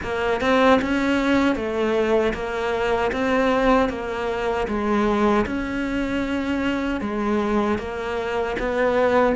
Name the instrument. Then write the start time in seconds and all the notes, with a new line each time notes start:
cello
0.02 A#3
0.41 C4
0.81 C#4
1.55 A3
2.33 A#3
3.12 C4
3.89 A#3
4.67 G#3
5.46 C#4
7.01 G#3
7.78 A#3
8.59 B3